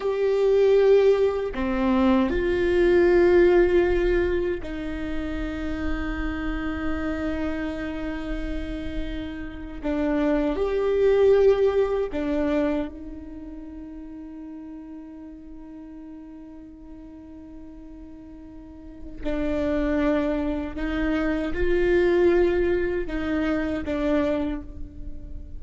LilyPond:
\new Staff \with { instrumentName = "viola" } { \time 4/4 \tempo 4 = 78 g'2 c'4 f'4~ | f'2 dis'2~ | dis'1~ | dis'8. d'4 g'2 d'16~ |
d'8. dis'2.~ dis'16~ | dis'1~ | dis'4 d'2 dis'4 | f'2 dis'4 d'4 | }